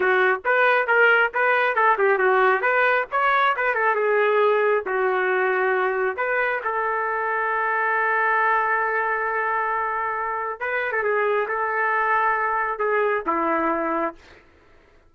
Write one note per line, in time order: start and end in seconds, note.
0.00 0.41 F#4
0.45 0.87 B4
0.87 1.31 A#4
1.34 1.75 B4
1.75 1.97 A4
1.98 2.18 G4
2.18 2.61 F#4
2.61 3.05 B4
3.11 3.55 C#5
3.56 3.74 B4
3.74 3.95 A4
3.95 4.83 G#4
4.86 6.16 F#4
6.16 6.61 B4
6.64 10.60 A4
10.60 10.92 B4
10.92 11.03 A4
11.03 11.47 G#4
11.47 12.79 A4
12.79 13.23 G#4
13.26 14.14 E4